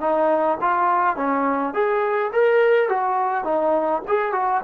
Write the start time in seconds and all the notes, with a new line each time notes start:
0.00 D#4
0.61 F4
1.16 C#4
1.74 G#4
2.32 A#4
2.89 F#4
3.44 D#4
4.08 G#4
4.32 F#4